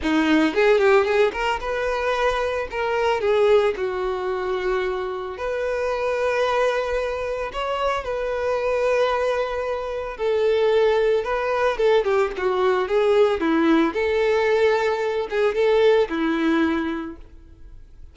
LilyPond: \new Staff \with { instrumentName = "violin" } { \time 4/4 \tempo 4 = 112 dis'4 gis'8 g'8 gis'8 ais'8 b'4~ | b'4 ais'4 gis'4 fis'4~ | fis'2 b'2~ | b'2 cis''4 b'4~ |
b'2. a'4~ | a'4 b'4 a'8 g'8 fis'4 | gis'4 e'4 a'2~ | a'8 gis'8 a'4 e'2 | }